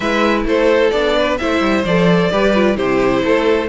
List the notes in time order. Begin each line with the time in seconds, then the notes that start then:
0.00 G#3 E4 B4 E5
0.45 A3 A4 C5
0.90 B3 D4 D5
1.16 B4
1.38 A3 E4 C5 E5
1.60 G3
1.84 F3 A4 D5
2.30 G3 G4 B4
2.54 F4
2.75 C3 E4 G4 C5
3.24 A3 A4